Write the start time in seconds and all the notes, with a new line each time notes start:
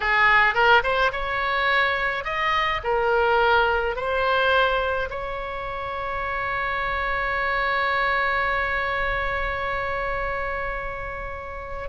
0.00 G#4
0.54 A#4
0.83 C5
1.12 C#5
2.24 D#5
2.83 A#4
3.96 C5
5.09 C#5